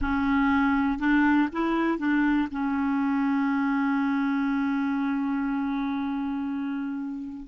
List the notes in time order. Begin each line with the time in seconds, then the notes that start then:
0.01 C#4
0.98 D4
1.52 E4
1.98 D4
2.51 C#4